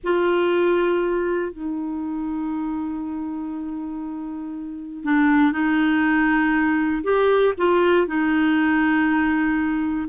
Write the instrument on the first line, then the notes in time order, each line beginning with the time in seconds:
clarinet
0.03 F4
1.52 D#4
5.04 D4
5.51 D#4
7.03 G4
7.57 F4
8.07 D#4